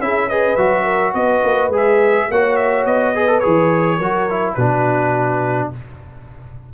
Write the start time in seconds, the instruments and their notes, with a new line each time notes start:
0.00 tuba C#4, trombone E4, horn G#4, trumpet E5
0.28 trombone G#4, horn B4, trumpet D#5
0.56 tuba F#3, trombone F#4, trumpet E5
0.84 horn A#4
1.14 tuba B3, horn B4, trumpet D#5
1.44 tuba A#3
1.69 tuba G#3, trombone G#4
1.77 trumpet E5
2.31 tuba A#3, trombone F#4, horn C#5, trumpet F#5
2.56 trumpet E5
2.86 tuba B3, trumpet D#5
3.15 trombone G#4, horn B4
3.28 trombone A4
3.40 trombone G#4, trumpet C#5
3.46 tuba E3
3.98 tuba F#3, trombone F#4, horn A#4
4.30 trombone E4
4.55 tuba B2, trombone D4, horn F#4, trumpet B4